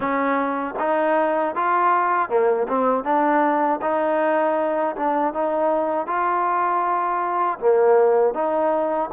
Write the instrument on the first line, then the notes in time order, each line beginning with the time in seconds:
trombone
0.00 C#4
0.79 D#4
1.55 F4
2.29 A#3
2.68 C4
3.04 D4
3.81 D#4
4.96 D4
5.33 D#4
6.07 F4
7.59 A#3
8.33 D#4